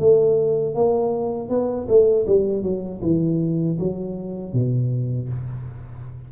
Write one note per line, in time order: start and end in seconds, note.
0.00 0.75 A3
0.75 1.49 A#3
1.49 1.87 B3
1.88 2.26 A3
2.27 2.63 G3
2.63 3.01 F#3
3.02 3.78 E3
3.79 4.53 F#3
4.53 5.29 B2